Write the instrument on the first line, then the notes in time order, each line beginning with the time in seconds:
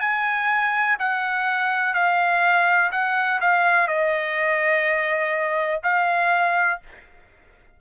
trumpet
0.00 G#5
0.99 F#5
1.94 F5
2.92 F#5
3.41 F5
3.88 D#5
5.83 F5